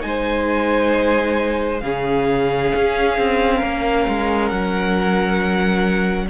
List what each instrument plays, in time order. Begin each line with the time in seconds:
0.00 cello G#3, viola D#4, violin G#5
0.07 violin C5
1.80 cello C#3, viola C#4, violin G#4 F5
2.75 cello C#4
3.17 cello C4
3.57 cello A#3, violin A#4
4.08 cello G#3
4.48 cello F#3, violin F#5